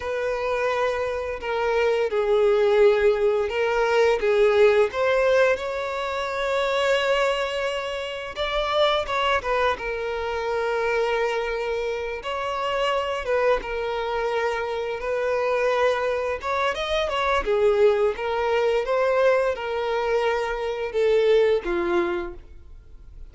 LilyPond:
\new Staff \with { instrumentName = "violin" } { \time 4/4 \tempo 4 = 86 b'2 ais'4 gis'4~ | gis'4 ais'4 gis'4 c''4 | cis''1 | d''4 cis''8 b'8 ais'2~ |
ais'4. cis''4. b'8 ais'8~ | ais'4. b'2 cis''8 | dis''8 cis''8 gis'4 ais'4 c''4 | ais'2 a'4 f'4 | }